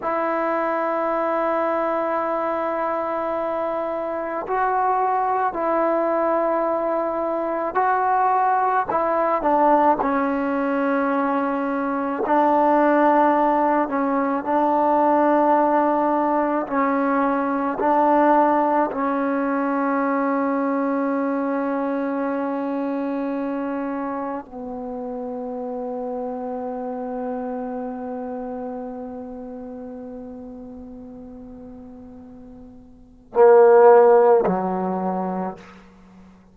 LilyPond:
\new Staff \with { instrumentName = "trombone" } { \time 4/4 \tempo 4 = 54 e'1 | fis'4 e'2 fis'4 | e'8 d'8 cis'2 d'4~ | d'8 cis'8 d'2 cis'4 |
d'4 cis'2.~ | cis'2 b2~ | b1~ | b2 ais4 fis4 | }